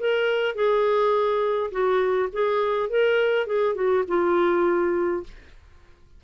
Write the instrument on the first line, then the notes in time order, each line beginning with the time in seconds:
clarinet
0.00 A#4
0.55 G#4
1.71 F#4
2.33 G#4
2.90 A#4
3.46 G#4
3.75 F#4
4.08 F4